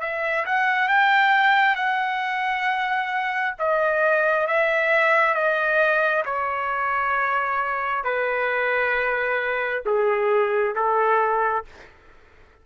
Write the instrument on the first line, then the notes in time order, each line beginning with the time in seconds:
trumpet
0.00 E5
0.45 F#5
0.88 G5
1.75 F#5
3.58 D#5
4.47 E5
5.34 D#5
6.25 C#5
8.04 B4
9.85 G#4
10.75 A4